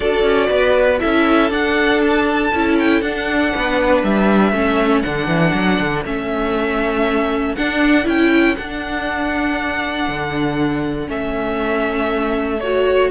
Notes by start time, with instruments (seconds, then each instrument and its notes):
0.00 cello D4, viola F#4, violin A4 D5
0.23 cello C#4
0.49 cello B3, violin B4
0.99 cello C#4, viola E4, violin A4 E5
1.50 viola D4, cello D4, violin F#5
2.01 violin A5
2.53 cello C#4, viola E4
2.79 violin G5
3.01 cello D4, viola D4, violin F#5
3.54 cello B3, violin B4
4.03 cello G3, violin E5
4.52 cello A3, viola C#4, violin A4
5.01 cello D3, viola D4, violin F#5
5.27 cello E3
5.54 cello F#3
5.80 cello D3
6.04 cello A3, viola C#4, violin E5
7.55 viola D4, cello D4, violin F#5
8.04 cello C#4, viola E4, violin G5
8.56 viola D4, cello D4, violin F#5
10.08 cello D3
11.07 cello A3, viola C#4, violin E5
12.59 viola F#4, violin C#5